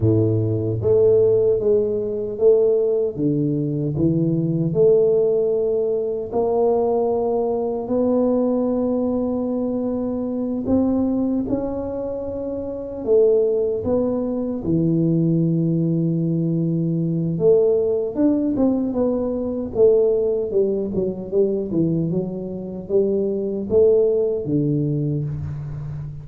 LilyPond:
\new Staff \with { instrumentName = "tuba" } { \time 4/4 \tempo 4 = 76 a,4 a4 gis4 a4 | d4 e4 a2 | ais2 b2~ | b4. c'4 cis'4.~ |
cis'8 a4 b4 e4.~ | e2 a4 d'8 c'8 | b4 a4 g8 fis8 g8 e8 | fis4 g4 a4 d4 | }